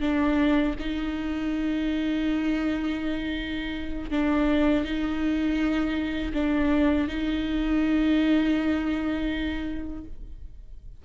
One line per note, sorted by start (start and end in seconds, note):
0.00 0.74 D4
0.79 4.11 D#4
4.11 4.85 D4
4.85 6.33 D#4
6.33 7.07 D4
7.08 10.04 D#4